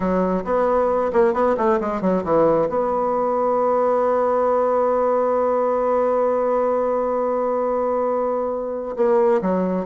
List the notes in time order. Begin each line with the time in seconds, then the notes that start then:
0.00 F#3
0.44 B3
1.13 A#3
1.33 B3
1.57 A3
1.80 G#3
2.01 F#3
2.23 E3
2.69 B3
8.96 A#3
9.41 F#3